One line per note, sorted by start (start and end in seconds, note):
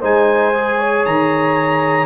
0.00 1.05 G#3
0.00 0.53 D#4
0.00 0.77 C5
0.00 1.05 G#5
0.54 2.06 G#4
0.77 2.06 C#5
1.05 2.06 D#3
1.05 2.06 A#5